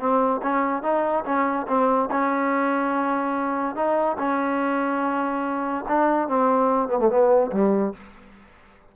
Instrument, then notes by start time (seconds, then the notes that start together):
trombone
0.00 C4
0.43 C#4
0.83 D#4
1.25 C#4
1.68 C4
2.11 C#4
3.76 D#4
4.19 C#4
5.88 D4
6.29 C4
6.89 B3
6.99 A3
7.10 B3
7.52 G3